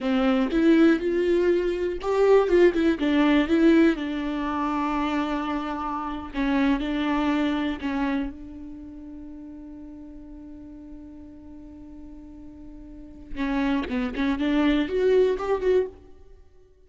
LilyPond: \new Staff \with { instrumentName = "viola" } { \time 4/4 \tempo 4 = 121 c'4 e'4 f'2 | g'4 f'8 e'8 d'4 e'4 | d'1~ | d'8. cis'4 d'2 cis'16~ |
cis'8. d'2.~ d'16~ | d'1~ | d'2. cis'4 | b8 cis'8 d'4 fis'4 g'8 fis'8 | }